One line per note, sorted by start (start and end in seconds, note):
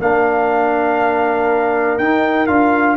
0.00 1.99 A#3
0.00 2.00 D4
0.00 2.97 A#4
0.00 1.99 F5
1.99 2.49 D#4
1.99 2.48 D#4
1.99 2.47 G5
2.47 2.97 D4
2.47 2.97 F4
2.47 2.97 F5